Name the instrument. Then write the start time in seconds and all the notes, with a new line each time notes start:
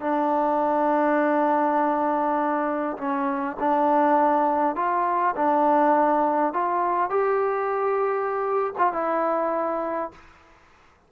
trombone
0.00 D4
2.97 C#4
3.60 D4
4.75 F4
5.36 D4
6.53 F4
7.10 G4
8.78 F4
8.93 E4